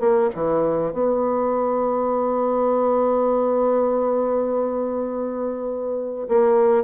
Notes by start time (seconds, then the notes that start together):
0.00 A#3
0.35 E3
0.93 B3
6.28 A#3